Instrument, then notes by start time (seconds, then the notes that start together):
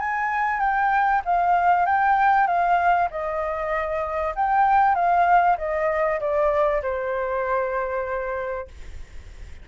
flute
0.00 G#5
0.60 G5
1.25 F5
1.86 G5
2.47 F5
3.11 D#5
4.36 G5
4.95 F5
5.58 D#5
6.21 D5
6.83 C5